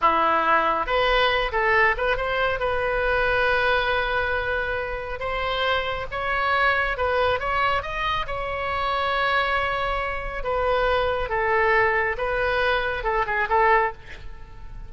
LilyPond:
\new Staff \with { instrumentName = "oboe" } { \time 4/4 \tempo 4 = 138 e'2 b'4. a'8~ | a'8 b'8 c''4 b'2~ | b'1 | c''2 cis''2 |
b'4 cis''4 dis''4 cis''4~ | cis''1 | b'2 a'2 | b'2 a'8 gis'8 a'4 | }